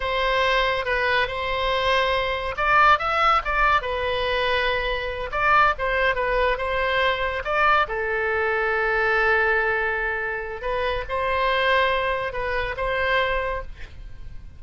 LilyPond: \new Staff \with { instrumentName = "oboe" } { \time 4/4 \tempo 4 = 141 c''2 b'4 c''4~ | c''2 d''4 e''4 | d''4 b'2.~ | b'8 d''4 c''4 b'4 c''8~ |
c''4. d''4 a'4.~ | a'1~ | a'4 b'4 c''2~ | c''4 b'4 c''2 | }